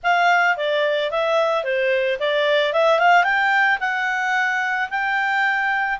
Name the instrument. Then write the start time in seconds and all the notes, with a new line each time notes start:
clarinet
0.03 F5
0.56 D5
1.11 E5
1.63 C5
2.19 D5
2.73 E5
2.99 F5
3.24 G5
3.80 F#5
4.90 G5